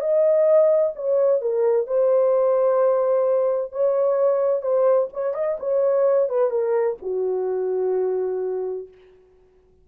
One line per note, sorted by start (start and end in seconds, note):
0.00 0.93 D#5
0.95 1.41 C#5
1.41 1.86 A#4
1.86 3.71 C5
3.71 4.61 C#5
4.61 5.08 C5
5.13 5.34 C#5
5.34 5.57 D#5
5.59 6.29 C#5
6.29 6.50 B4
6.50 6.96 A#4
7.02 8.88 F#4